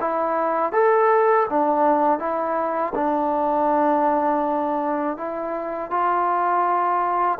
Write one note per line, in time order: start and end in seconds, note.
0.00 0.72 E4
0.72 1.46 A4
1.49 2.19 D4
2.19 2.93 E4
2.95 5.17 D4
5.17 5.90 E4
5.90 7.38 F4